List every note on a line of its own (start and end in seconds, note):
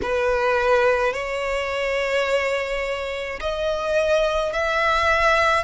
0.02 1.13 B4
1.13 3.40 C#5
3.40 4.52 D#5
4.52 5.63 E5